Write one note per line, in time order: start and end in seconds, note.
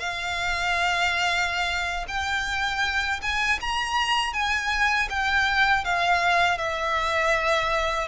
0.00 2.06 F5
2.08 3.21 G5
3.22 3.60 G#5
3.61 4.34 A#5
4.34 5.09 G#5
5.10 5.85 G5
5.85 6.59 F5
6.59 8.08 E5